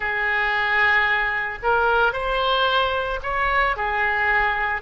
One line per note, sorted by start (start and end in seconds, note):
0.00 1.58 G#4
1.62 2.12 A#4
2.12 3.19 C5
3.22 3.76 C#5
3.76 4.81 G#4